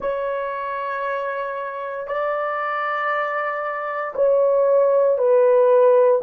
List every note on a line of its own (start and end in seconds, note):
0.00 2.07 C#5
2.07 4.14 D5
4.15 5.17 C#5
5.17 6.21 B4